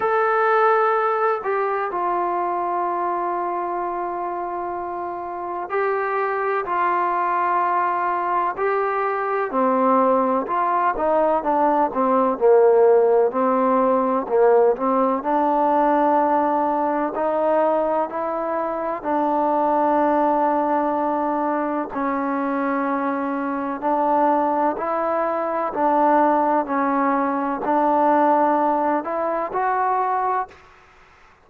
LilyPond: \new Staff \with { instrumentName = "trombone" } { \time 4/4 \tempo 4 = 63 a'4. g'8 f'2~ | f'2 g'4 f'4~ | f'4 g'4 c'4 f'8 dis'8 | d'8 c'8 ais4 c'4 ais8 c'8 |
d'2 dis'4 e'4 | d'2. cis'4~ | cis'4 d'4 e'4 d'4 | cis'4 d'4. e'8 fis'4 | }